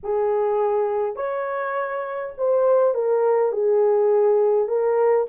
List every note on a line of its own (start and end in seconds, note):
0.03 1.16 G#4
1.16 2.33 C#5
2.37 2.94 C5
2.94 3.52 A#4
3.52 4.67 G#4
4.67 5.26 A#4